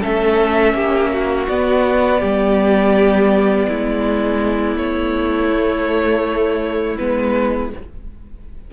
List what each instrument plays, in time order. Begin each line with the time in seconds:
0.00 cello A3, viola C#4, violin A4 E5
0.74 cello A#3, violin G4
1.13 violin F#4
1.48 cello B3, viola B3, violin D5
2.20 cello G3, violin G4
3.68 cello G#3, violin E4
4.76 cello A3, violin C#5
5.52 viola A3
6.97 cello G#3, viola B3, violin B4